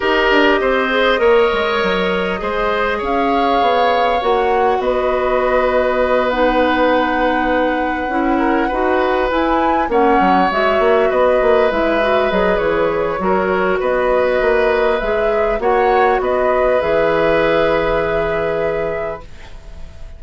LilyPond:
<<
  \new Staff \with { instrumentName = "flute" } { \time 4/4 \tempo 4 = 100 dis''1~ | dis''4 f''2 fis''4 | dis''2~ dis''8 fis''4.~ | fis''2.~ fis''8 gis''8~ |
gis''8 fis''4 e''4 dis''4 e''8~ | e''8 dis''8 cis''2 dis''4~ | dis''4 e''4 fis''4 dis''4 | e''1 | }
  \new Staff \with { instrumentName = "oboe" } { \time 4/4 ais'4 c''4 cis''2 | c''4 cis''2. | b'1~ | b'2 ais'8 b'4.~ |
b'8 cis''2 b'4.~ | b'2 ais'4 b'4~ | b'2 cis''4 b'4~ | b'1 | }
  \new Staff \with { instrumentName = "clarinet" } { \time 4/4 g'4. gis'8 ais'2 | gis'2. fis'4~ | fis'2~ fis'8 dis'4.~ | dis'4. e'4 fis'4 e'8~ |
e'8 cis'4 fis'2 e'8 | fis'8 gis'4. fis'2~ | fis'4 gis'4 fis'2 | gis'1 | }
  \new Staff \with { instrumentName = "bassoon" } { \time 4/4 dis'8 d'8 c'4 ais8 gis8 fis4 | gis4 cis'4 b4 ais4 | b1~ | b4. cis'4 dis'4 e'8~ |
e'8 ais8 fis8 gis8 ais8 b8 ais8 gis8~ | gis8 fis8 e4 fis4 b4 | ais4 gis4 ais4 b4 | e1 | }
>>